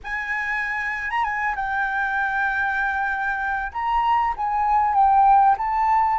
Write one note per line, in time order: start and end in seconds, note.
0.03 1.10 G#5
1.10 1.24 A#5
1.24 1.55 G#5
1.55 3.72 G5
3.72 4.34 A#5
4.36 4.94 G#5
4.94 5.56 G5
5.57 6.19 A5